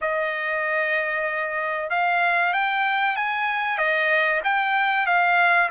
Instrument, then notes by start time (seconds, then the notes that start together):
trumpet
0.01 D#5
1.89 F5
2.53 G5
3.16 G#5
3.78 D#5
4.44 G5
5.06 F5